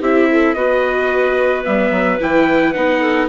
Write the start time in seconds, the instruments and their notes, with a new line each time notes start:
0.00 bassoon C4, viola E4, clarinet G4, trumpet E5
0.31 clarinet A4
0.54 bassoon B3, viola F#4, clarinet B4, trumpet D#5
1.64 bassoon G3, viola B3, trumpet E5
1.91 bassoon F#3
2.20 bassoon E3, viola E4, trumpet G5
2.73 bassoon B3, viola D#4, trumpet F#5
3.00 clarinet A4